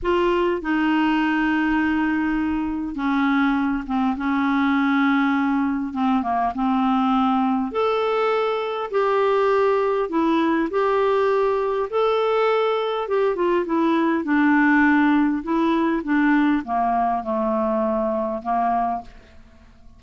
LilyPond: \new Staff \with { instrumentName = "clarinet" } { \time 4/4 \tempo 4 = 101 f'4 dis'2.~ | dis'4 cis'4. c'8 cis'4~ | cis'2 c'8 ais8 c'4~ | c'4 a'2 g'4~ |
g'4 e'4 g'2 | a'2 g'8 f'8 e'4 | d'2 e'4 d'4 | ais4 a2 ais4 | }